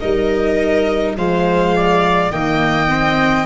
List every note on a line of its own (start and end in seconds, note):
0.00 1.17 G3
0.00 1.17 D#4
0.00 1.16 A#4
0.00 1.15 D#5
1.17 2.31 F3
1.17 2.32 G#3
1.17 1.76 C5
1.17 2.31 F5
1.76 2.32 D5
2.31 3.46 D#3
2.31 2.89 A#3
2.31 3.46 D#5
2.31 3.46 G5
2.89 3.46 C4